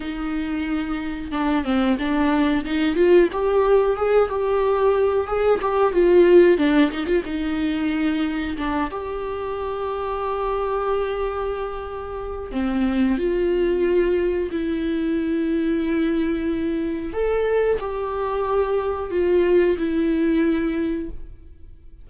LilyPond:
\new Staff \with { instrumentName = "viola" } { \time 4/4 \tempo 4 = 91 dis'2 d'8 c'8 d'4 | dis'8 f'8 g'4 gis'8 g'4. | gis'8 g'8 f'4 d'8 dis'16 f'16 dis'4~ | dis'4 d'8 g'2~ g'8~ |
g'2. c'4 | f'2 e'2~ | e'2 a'4 g'4~ | g'4 f'4 e'2 | }